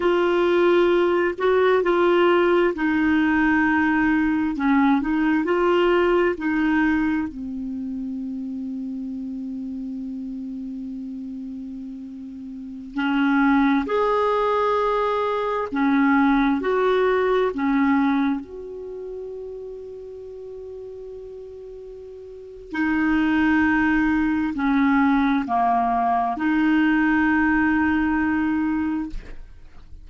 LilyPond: \new Staff \with { instrumentName = "clarinet" } { \time 4/4 \tempo 4 = 66 f'4. fis'8 f'4 dis'4~ | dis'4 cis'8 dis'8 f'4 dis'4 | c'1~ | c'2~ c'16 cis'4 gis'8.~ |
gis'4~ gis'16 cis'4 fis'4 cis'8.~ | cis'16 fis'2.~ fis'8.~ | fis'4 dis'2 cis'4 | ais4 dis'2. | }